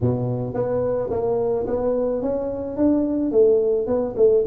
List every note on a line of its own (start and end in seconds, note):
0.00 0.54 B2
0.54 1.09 B3
1.10 1.66 A#3
1.66 2.21 B3
2.21 2.77 C#4
2.77 3.31 D4
3.31 3.87 A3
3.87 4.14 B3
4.16 4.44 A3